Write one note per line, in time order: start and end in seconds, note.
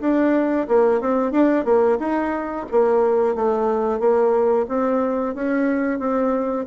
0.00 0.67 D4
0.68 1.01 A#3
1.01 1.32 C4
1.32 1.65 D4
1.65 1.98 A#3
1.99 2.65 D#4
2.71 3.35 A#3
3.35 3.99 A3
3.99 4.66 A#3
4.68 5.35 C4
5.35 5.98 C#4
5.98 6.65 C4